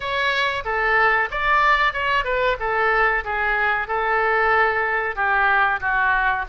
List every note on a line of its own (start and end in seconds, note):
0.00 0.63 C#5
0.64 1.29 A4
1.30 1.93 D5
1.93 2.24 C#5
2.24 2.56 B4
2.59 3.24 A4
3.24 3.87 G#4
3.87 5.15 A4
5.15 5.79 G4
5.80 6.45 F#4